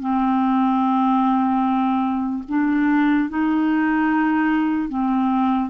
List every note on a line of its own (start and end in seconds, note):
0.00 2.43 C4
2.48 3.29 D4
3.29 4.89 D#4
4.89 5.69 C4